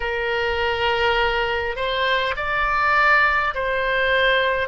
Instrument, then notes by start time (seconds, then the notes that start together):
oboe
0.00 A#4
1.76 C5
2.36 D5
3.54 C5